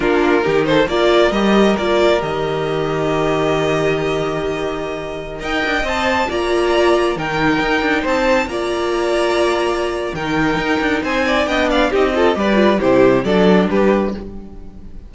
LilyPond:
<<
  \new Staff \with { instrumentName = "violin" } { \time 4/4 \tempo 4 = 136 ais'4. c''8 d''4 dis''4 | d''4 dis''2.~ | dis''1~ | dis''16 g''4 a''4 ais''4.~ ais''16~ |
ais''16 g''2 a''4 ais''8.~ | ais''2. g''4~ | g''4 gis''4 g''8 f''8 dis''4 | d''4 c''4 d''4 b'4 | }
  \new Staff \with { instrumentName = "violin" } { \time 4/4 f'4 g'8 a'8 ais'2~ | ais'1~ | ais'1~ | ais'16 dis''2 d''4.~ d''16~ |
d''16 ais'2 c''4 d''8.~ | d''2. ais'4~ | ais'4 c''8 d''8 dis''8 d''8 g'8 a'8 | b'4 g'4 a'4 g'4 | }
  \new Staff \with { instrumentName = "viola" } { \time 4/4 d'4 dis'4 f'4 g'4 | f'4 g'2.~ | g'1~ | g'16 ais'4 c''4 f'4.~ f'16~ |
f'16 dis'2. f'8.~ | f'2. dis'4~ | dis'2 d'4 dis'8 f'8 | g'8 f'8 e'4 d'2 | }
  \new Staff \with { instrumentName = "cello" } { \time 4/4 ais4 dis4 ais4 g4 | ais4 dis2.~ | dis1~ | dis16 dis'8 d'8 c'4 ais4.~ ais16~ |
ais16 dis4 dis'8 d'8 c'4 ais8.~ | ais2. dis4 | dis'8 d'8 c'4 b4 c'4 | g4 c4 fis4 g4 | }
>>